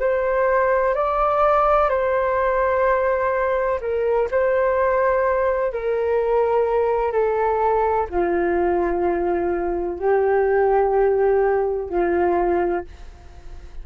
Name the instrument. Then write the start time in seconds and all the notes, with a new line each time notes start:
flute
0.00 C5
0.95 D5
1.90 C5
3.81 A#4
4.31 C5
5.73 A#4
7.13 A4
8.10 F4
10.00 G4
11.90 F4